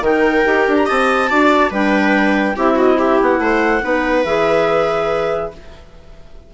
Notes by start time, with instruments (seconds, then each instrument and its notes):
0.00 bassoon D#3, clarinet D#4 G5, viola A#4
0.44 bassoon D#4, clarinet G4
0.67 bassoon D4
0.75 clarinet A#5
0.85 bassoon C4, viola D#5, clarinet A5
1.28 bassoon D4, clarinet F#4, viola D5
1.69 bassoon G3, clarinet D4 G5, viola B4
2.55 bassoon C4, clarinet E4 E5, viola G4
2.75 viola F#4, clarinet D#5
2.98 viola G4, clarinet E5
3.21 bassoon B3, clarinet F#5
3.38 bassoon A3, viola C5
3.81 bassoon B3, clarinet D#4, viola B4
4.24 bassoon E3, clarinet G#4 E5